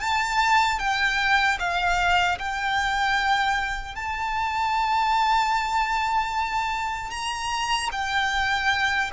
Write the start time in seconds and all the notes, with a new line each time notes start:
0.00 A5
0.79 G5
1.60 F5
2.39 G5
3.95 A5
7.11 A#5
7.92 G5